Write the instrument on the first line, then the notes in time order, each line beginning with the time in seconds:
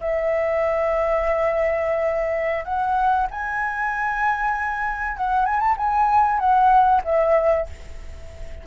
flute
0.00 E5
2.64 F#5
3.30 G#5
5.17 F#5
5.45 G#5
5.59 A5
5.76 G#5
6.38 F#5
7.04 E5